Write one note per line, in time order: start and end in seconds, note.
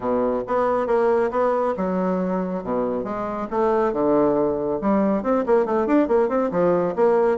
0.00 0.43 B2
0.47 0.87 B3
0.87 1.30 A#3
1.30 1.74 B3
1.76 2.63 F#3
2.63 3.04 B2
3.04 3.47 G#3
3.50 3.92 A3
3.92 4.79 D3
4.81 5.23 G3
5.23 5.44 C4
5.45 5.65 A#3
5.65 5.87 A3
5.87 6.08 D4
6.08 6.28 A#3
6.28 6.50 C4
6.51 6.94 F3
6.95 7.38 A#3